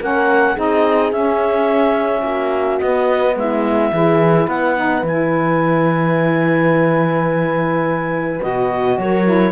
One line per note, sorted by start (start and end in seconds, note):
0.00 0.58 A#3
0.00 0.57 C#4
0.00 0.54 A#4
0.00 0.59 F#5
0.54 1.13 C4
0.54 1.13 D#4
0.54 2.22 G#4
0.54 1.12 D#5
1.12 2.23 C#4
1.12 2.82 C#4
1.12 2.80 E5
2.23 2.79 A#3
2.23 3.35 F#4
2.80 3.93 B3
2.80 3.36 B3
2.80 3.36 D#5
3.36 3.92 G#3
3.36 3.93 E4
3.36 4.49 E5
3.93 4.48 E3
3.93 4.77 E4
3.93 4.50 G#4
4.48 5.03 B3
4.48 8.99 B4
4.48 5.05 F#5
4.77 5.05 D#4
5.03 8.39 E3
5.03 8.41 E4
5.03 8.43 G#5
8.41 8.98 B2
8.41 9.25 F#4
8.41 8.99 D#5
8.98 9.53 F#3
8.98 9.53 A#4
8.98 9.53 C#5
9.25 9.53 E4